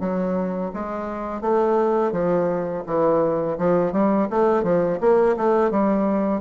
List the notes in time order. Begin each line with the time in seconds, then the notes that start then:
0.00 F#3
0.73 G#3
1.41 A3
2.12 F3
2.86 E3
3.58 F3
3.92 G3
4.30 A3
4.63 F3
5.00 A#3
5.37 A3
5.71 G3